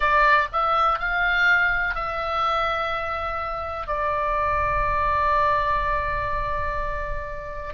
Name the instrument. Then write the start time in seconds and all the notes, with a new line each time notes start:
oboe
0.00 D5
0.52 E5
0.99 F5
1.94 E5
3.87 D5